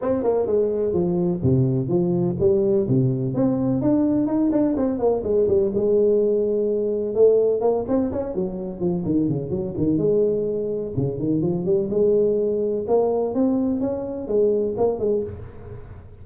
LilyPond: \new Staff \with { instrumentName = "tuba" } { \time 4/4 \tempo 4 = 126 c'8 ais8 gis4 f4 c4 | f4 g4 c4 c'4 | d'4 dis'8 d'8 c'8 ais8 gis8 g8 | gis2. a4 |
ais8 c'8 cis'8 fis4 f8 dis8 cis8 | fis8 dis8 gis2 cis8 dis8 | f8 g8 gis2 ais4 | c'4 cis'4 gis4 ais8 gis8 | }